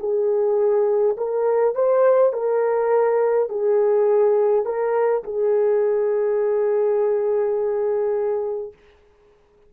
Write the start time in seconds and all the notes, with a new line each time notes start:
0.00 G#4
1.18 A#4
1.75 C5
2.33 A#4
3.50 G#4
4.65 A#4
5.24 G#4